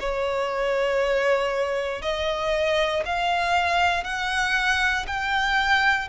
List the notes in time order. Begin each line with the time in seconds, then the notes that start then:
0.00 C#5
2.02 D#5
3.06 F5
4.04 F#5
5.08 G5